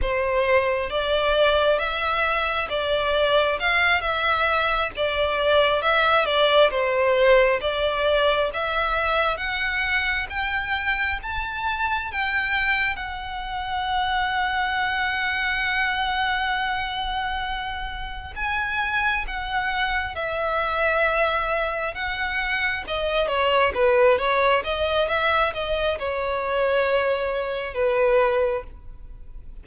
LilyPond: \new Staff \with { instrumentName = "violin" } { \time 4/4 \tempo 4 = 67 c''4 d''4 e''4 d''4 | f''8 e''4 d''4 e''8 d''8 c''8~ | c''8 d''4 e''4 fis''4 g''8~ | g''8 a''4 g''4 fis''4.~ |
fis''1~ | fis''8 gis''4 fis''4 e''4.~ | e''8 fis''4 dis''8 cis''8 b'8 cis''8 dis''8 | e''8 dis''8 cis''2 b'4 | }